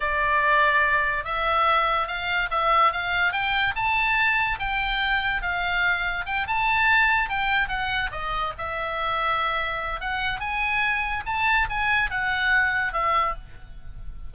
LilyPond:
\new Staff \with { instrumentName = "oboe" } { \time 4/4 \tempo 4 = 144 d''2. e''4~ | e''4 f''4 e''4 f''4 | g''4 a''2 g''4~ | g''4 f''2 g''8 a''8~ |
a''4. g''4 fis''4 dis''8~ | dis''8 e''2.~ e''8 | fis''4 gis''2 a''4 | gis''4 fis''2 e''4 | }